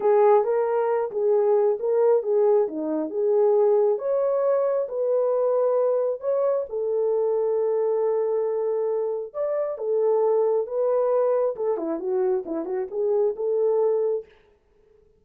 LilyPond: \new Staff \with { instrumentName = "horn" } { \time 4/4 \tempo 4 = 135 gis'4 ais'4. gis'4. | ais'4 gis'4 dis'4 gis'4~ | gis'4 cis''2 b'4~ | b'2 cis''4 a'4~ |
a'1~ | a'4 d''4 a'2 | b'2 a'8 e'8 fis'4 | e'8 fis'8 gis'4 a'2 | }